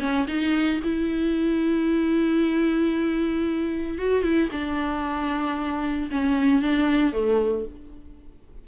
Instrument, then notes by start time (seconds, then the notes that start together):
viola
0.00 C#4
0.28 D#4
0.84 E4
3.99 F#4
4.23 E4
4.52 D4
6.11 C#4
6.62 D4
7.13 A3